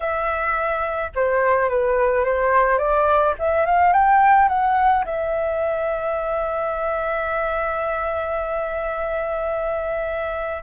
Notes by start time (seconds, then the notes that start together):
0.00 E5
1.15 C5
1.69 B4
2.24 C5
2.78 D5
3.38 E5
3.65 F5
3.92 G5
4.48 F#5
5.05 E5